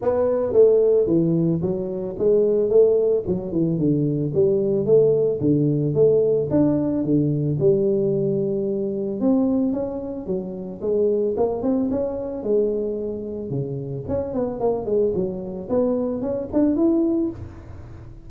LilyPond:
\new Staff \with { instrumentName = "tuba" } { \time 4/4 \tempo 4 = 111 b4 a4 e4 fis4 | gis4 a4 fis8 e8 d4 | g4 a4 d4 a4 | d'4 d4 g2~ |
g4 c'4 cis'4 fis4 | gis4 ais8 c'8 cis'4 gis4~ | gis4 cis4 cis'8 b8 ais8 gis8 | fis4 b4 cis'8 d'8 e'4 | }